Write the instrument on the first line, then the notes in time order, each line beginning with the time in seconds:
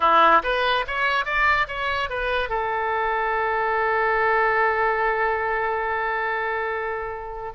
oboe
0.00 E4
0.43 B4
0.87 C#5
1.25 D5
1.67 C#5
2.09 B4
2.49 A4